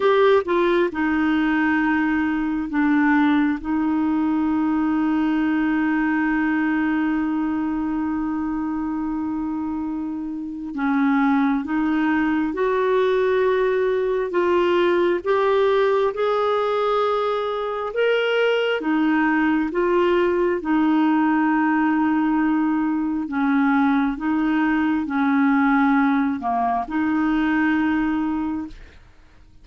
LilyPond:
\new Staff \with { instrumentName = "clarinet" } { \time 4/4 \tempo 4 = 67 g'8 f'8 dis'2 d'4 | dis'1~ | dis'1 | cis'4 dis'4 fis'2 |
f'4 g'4 gis'2 | ais'4 dis'4 f'4 dis'4~ | dis'2 cis'4 dis'4 | cis'4. ais8 dis'2 | }